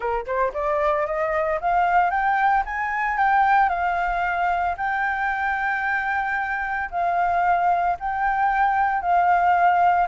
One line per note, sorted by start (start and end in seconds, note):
0.00 0.25 A#4
0.25 0.52 C5
0.53 1.06 D5
1.06 1.59 D#5
1.60 2.10 F5
2.10 2.63 G5
2.65 3.17 G#5
3.17 3.69 G5
3.69 4.75 F5
4.77 6.89 G5
6.91 7.97 F5
7.99 9.01 G5
9.01 10.07 F5